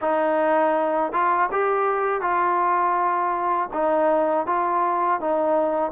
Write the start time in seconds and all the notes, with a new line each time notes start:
0.01 D#4
1.12 F4
1.52 G4
2.21 F4
3.73 D#4
4.46 F4
5.20 D#4